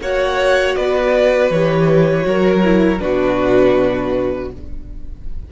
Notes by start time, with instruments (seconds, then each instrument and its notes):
0.00 cello A#3, viola F#4, violin C#5 F#5
0.75 cello B3, violin B4 D5
1.50 cello E3, viola G4, violin C#5
2.22 cello F#3, viola F#4, violin A#4
2.64 viola E4
2.98 cello B2, viola D4, violin F#4 B4